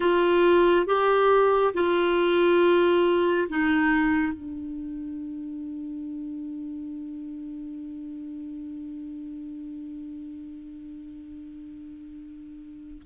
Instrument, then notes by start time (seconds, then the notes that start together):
clarinet
0.00 F4
0.86 G4
1.74 F4
3.49 D#4
4.32 D4